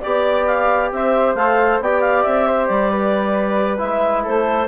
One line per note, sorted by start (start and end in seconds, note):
0.00 0.91 B3
0.00 1.36 G4
0.00 0.44 D5
0.00 0.91 D5
0.46 0.90 F5
0.91 1.35 C4
0.91 1.83 C5
0.91 1.35 E5
1.35 1.79 A3
1.35 1.82 A4
1.35 1.79 F5
1.80 2.24 B3
1.80 3.78 G4
1.80 2.47 D5
1.80 2.00 G5
2.00 2.22 F5
2.22 2.69 C4
2.22 2.66 E5
2.47 2.90 C5
2.66 3.80 G3
2.66 3.77 D5
2.90 4.23 B4
3.78 4.26 G#3
3.78 4.67 E4
3.78 4.23 E5
4.23 4.68 A3
4.23 4.67 A4
4.23 4.68 C5